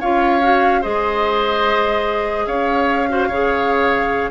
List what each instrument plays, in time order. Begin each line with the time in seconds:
0.00 bassoon C#4, clarinet F4, oboe C#5, flute F5
0.42 clarinet F#4
0.81 bassoon G#3, clarinet G#4, oboe C5, flute D#5
2.46 bassoon C#4, oboe C#5, flute F5
3.09 clarinet F#4, oboe C5
3.28 bassoon C#3, clarinet G#4, oboe C#5